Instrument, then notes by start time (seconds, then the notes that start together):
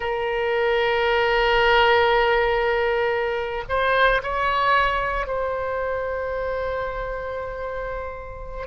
oboe
0.00 A#4
3.68 C5
4.22 C#5
5.26 C5